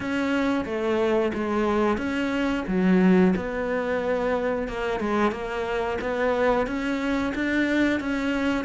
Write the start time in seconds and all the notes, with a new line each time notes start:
0.00 C#4
0.65 A3
1.33 G#3
1.97 C#4
2.67 F#3
3.35 B3
4.68 A#3
5.00 G#3
5.31 A#3
6.01 B3
6.66 C#4
7.35 D4
8.00 C#4